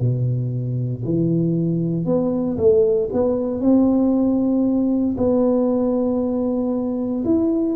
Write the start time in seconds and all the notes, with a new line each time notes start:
0.00 B2
1.04 E3
2.05 B3
2.57 A3
3.12 B3
3.60 C4
5.17 B3
7.25 E4